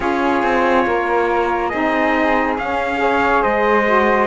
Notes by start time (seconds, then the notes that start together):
0.00 C#4 F4 G#4 C#5
0.42 C4
0.86 A#3 A#4
1.68 C4 D#4 G#4 D#5
2.58 C#4 F5
2.97 G#4 C#5
3.42 G#3 C5 D#5
3.85 F#4